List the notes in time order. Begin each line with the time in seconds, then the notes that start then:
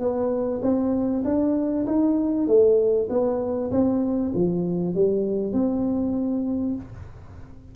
0.00 B3
0.62 C4
1.25 D4
1.87 D#4
2.47 A3
3.10 B3
3.72 C4
4.35 F3
4.95 G3
5.53 C4